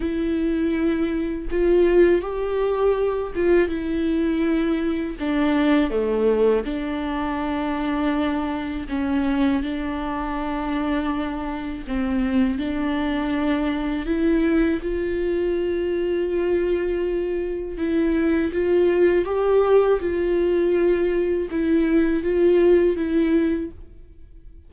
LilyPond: \new Staff \with { instrumentName = "viola" } { \time 4/4 \tempo 4 = 81 e'2 f'4 g'4~ | g'8 f'8 e'2 d'4 | a4 d'2. | cis'4 d'2. |
c'4 d'2 e'4 | f'1 | e'4 f'4 g'4 f'4~ | f'4 e'4 f'4 e'4 | }